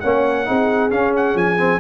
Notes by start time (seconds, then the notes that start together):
0.00 A#3 C#4 C#5 F#5
0.45 C4 D#4 G#4
0.90 C#4 F5
1.16 F#5
1.35 F3 G#5
1.57 C4